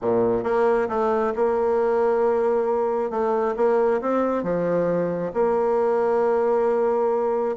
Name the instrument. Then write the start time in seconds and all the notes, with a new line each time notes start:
bassoon
0.01 A#2
0.43 A#3
0.88 A3
1.35 A#3
3.10 A3
3.56 A#3
4.01 C4
4.43 F3
5.33 A#3